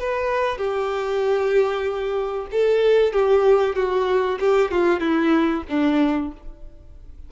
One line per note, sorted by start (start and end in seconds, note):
0.00 0.58 B4
0.58 2.47 G4
2.52 3.13 A4
3.13 3.76 G4
3.76 4.39 F#4
4.40 4.72 G4
4.72 5.00 F4
5.00 5.64 E4
5.69 6.32 D4